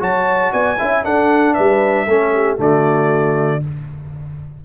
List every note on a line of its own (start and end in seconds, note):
0.00 0.53 F#3
0.00 0.78 F#4
0.00 0.52 C#5
0.00 0.53 A5
0.52 0.80 B3
0.52 0.78 D5
0.52 1.05 G#5
0.79 1.05 C#4
0.79 1.04 E4
0.79 1.05 E5
1.04 2.07 D4
1.04 1.56 D4
1.04 1.55 A4
1.04 1.54 F#5
1.54 2.07 G3
1.54 2.07 B4
1.54 2.58 E5
2.07 2.59 A3
2.07 2.58 C#4
2.07 2.34 A4
2.34 2.59 G4
2.58 3.62 D3
2.58 3.61 A3
2.58 3.62 F#4
2.58 3.65 D5